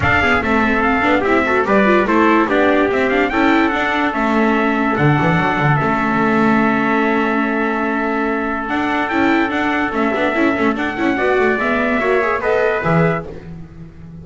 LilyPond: <<
  \new Staff \with { instrumentName = "trumpet" } { \time 4/4 \tempo 4 = 145 f''4 e''4 f''4 e''4 | d''4 c''4 d''4 e''8 f''8 | g''4 fis''4 e''2 | fis''2 e''2~ |
e''1~ | e''4 fis''4 g''4 fis''4 | e''2 fis''2 | e''2 dis''4 e''4 | }
  \new Staff \with { instrumentName = "trumpet" } { \time 4/4 a'8 gis'8 a'2 g'8 a'8 | b'4 a'4 g'2 | a'1~ | a'1~ |
a'1~ | a'1~ | a'2. d''4~ | d''4 cis''4 b'2 | }
  \new Staff \with { instrumentName = "viola" } { \time 4/4 d'8 b8 c'4. d'8 e'8 fis'8 | g'8 f'8 e'4 d'4 c'8 d'8 | e'4 d'4 cis'2 | d'2 cis'2~ |
cis'1~ | cis'4 d'4 e'4 d'4 | cis'8 d'8 e'8 cis'8 d'8 e'8 fis'4 | b4 fis'8 gis'8 a'4 gis'4 | }
  \new Staff \with { instrumentName = "double bass" } { \time 4/4 d'4 a4. b8 c'4 | g4 a4 b4 c'4 | cis'4 d'4 a2 | d8 e8 fis8 d8 a2~ |
a1~ | a4 d'4 cis'4 d'4 | a8 b8 cis'8 a8 d'8 cis'8 b8 a8 | gis4 ais4 b4 e4 | }
>>